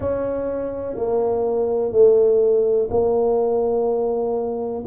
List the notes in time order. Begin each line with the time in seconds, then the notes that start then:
0.00 C#4
0.95 A#3
1.92 A3
2.90 A#3